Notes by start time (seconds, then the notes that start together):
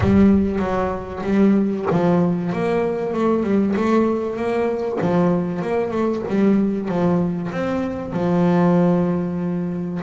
0.00 G3
0.59 F#3
1.23 G3
1.91 F3
2.53 A#3
3.13 A3
3.43 G3
3.76 A3
4.36 A#3
5.01 F3
5.62 A#3
5.91 A3
6.28 G3
6.88 F3
7.51 C4
8.12 F3